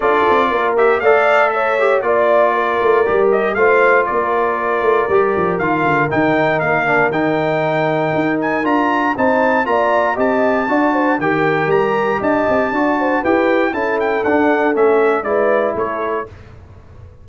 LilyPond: <<
  \new Staff \with { instrumentName = "trumpet" } { \time 4/4 \tempo 4 = 118 d''4. e''8 f''4 e''4 | d''2~ d''8 dis''8 f''4 | d''2. f''4 | g''4 f''4 g''2~ |
g''8 gis''8 ais''4 a''4 ais''4 | a''2 g''4 ais''4 | a''2 g''4 a''8 g''8 | fis''4 e''4 d''4 cis''4 | }
  \new Staff \with { instrumentName = "horn" } { \time 4/4 a'4 ais'4 d''4 cis''4 | d''4 ais'2 c''4 | ais'1~ | ais'1~ |
ais'2 c''4 d''4 | dis''4 d''8 c''8 ais'2 | dis''4 d''8 c''8 b'4 a'4~ | a'2 b'4 a'4 | }
  \new Staff \with { instrumentName = "trombone" } { \time 4/4 f'4. g'8 a'4. g'8 | f'2 g'4 f'4~ | f'2 g'4 f'4 | dis'4. d'8 dis'2~ |
dis'4 f'4 dis'4 f'4 | g'4 fis'4 g'2~ | g'4 fis'4 g'4 e'4 | d'4 cis'4 e'2 | }
  \new Staff \with { instrumentName = "tuba" } { \time 4/4 d'8 c'8 ais4 a2 | ais4. a8 g4 a4 | ais4. a8 g8 f8 dis8 d8 | dis4 ais4 dis2 |
dis'4 d'4 c'4 ais4 | c'4 d'4 dis4 g4 | d'8 c'8 d'4 e'4 cis'4 | d'4 a4 gis4 a4 | }
>>